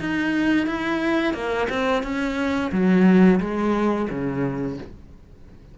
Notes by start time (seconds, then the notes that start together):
0.00 D#4
0.67 E4
1.34 A#3
1.70 C4
2.03 C#4
2.72 F#3
3.40 G#3
4.10 C#3